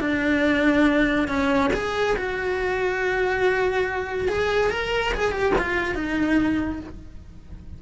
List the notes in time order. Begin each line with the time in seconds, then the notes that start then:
0.00 D4
1.27 C#4
1.73 G#4
2.16 F#4
4.28 G#4
4.70 A#4
5.14 G#4
5.31 G4
5.58 F4
5.95 D#4